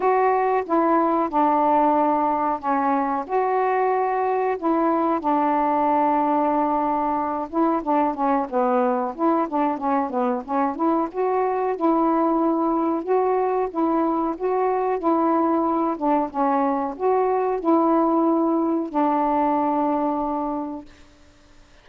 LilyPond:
\new Staff \with { instrumentName = "saxophone" } { \time 4/4 \tempo 4 = 92 fis'4 e'4 d'2 | cis'4 fis'2 e'4 | d'2.~ d'8 e'8 | d'8 cis'8 b4 e'8 d'8 cis'8 b8 |
cis'8 e'8 fis'4 e'2 | fis'4 e'4 fis'4 e'4~ | e'8 d'8 cis'4 fis'4 e'4~ | e'4 d'2. | }